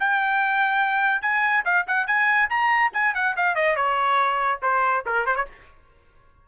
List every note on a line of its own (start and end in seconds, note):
0.00 1.22 G5
1.22 1.64 G#5
1.65 1.86 F5
1.87 2.07 F#5
2.07 2.49 G#5
2.50 2.92 A#5
2.93 3.14 G#5
3.15 3.36 F#5
3.37 3.56 F5
3.56 3.76 D#5
3.76 4.61 C#5
4.62 5.05 C5
5.06 5.26 A#4
5.26 5.36 C5
5.36 5.46 C#5